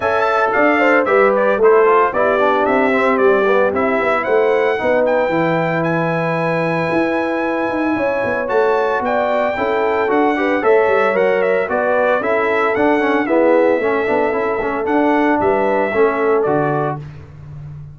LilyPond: <<
  \new Staff \with { instrumentName = "trumpet" } { \time 4/4 \tempo 4 = 113 a''4 f''4 e''8 d''8 c''4 | d''4 e''4 d''4 e''4 | fis''4. g''4. gis''4~ | gis''1 |
a''4 g''2 fis''4 | e''4 fis''8 e''8 d''4 e''4 | fis''4 e''2. | fis''4 e''2 d''4 | }
  \new Staff \with { instrumentName = "horn" } { \time 4/4 e''4 d''8 c''8 b'4 a'4 | g'1 | c''4 b'2.~ | b'2. cis''4~ |
cis''4 d''4 a'4. b'8 | cis''2 b'4 a'4~ | a'4 gis'4 a'2~ | a'4 b'4 a'2 | }
  \new Staff \with { instrumentName = "trombone" } { \time 4/4 a'2 g'4 e'8 f'8 | e'8 d'4 c'4 b8 e'4~ | e'4 dis'4 e'2~ | e'1 |
fis'2 e'4 fis'8 g'8 | a'4 ais'4 fis'4 e'4 | d'8 cis'8 b4 cis'8 d'8 e'8 cis'8 | d'2 cis'4 fis'4 | }
  \new Staff \with { instrumentName = "tuba" } { \time 4/4 cis'4 d'4 g4 a4 | b4 c'4 g4 c'8 b8 | a4 b4 e2~ | e4 e'4. dis'8 cis'8 b8 |
a4 b4 cis'4 d'4 | a8 g8 fis4 b4 cis'4 | d'4 e'4 a8 b8 cis'8 a8 | d'4 g4 a4 d4 | }
>>